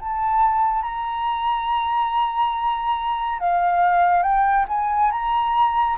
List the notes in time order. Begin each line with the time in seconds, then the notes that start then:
0.00 A5
0.83 A#5
3.40 F5
4.23 G5
4.69 G#5
5.12 A#5